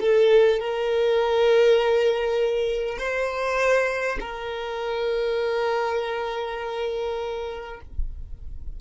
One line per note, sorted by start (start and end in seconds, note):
0.00 0.59 A4
0.59 2.98 A#4
2.98 4.18 C5
4.20 7.80 A#4